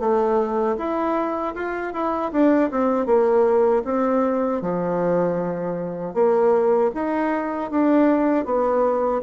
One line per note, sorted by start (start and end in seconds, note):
0.00 0.77 A3
0.78 1.55 E4
1.55 1.93 F4
1.93 2.32 E4
2.32 2.71 D4
2.71 3.06 C4
3.06 3.83 A#3
3.85 4.62 C4
4.62 6.14 F3
6.14 6.91 A#3
6.95 7.71 D#4
7.71 8.45 D4
8.45 9.22 B3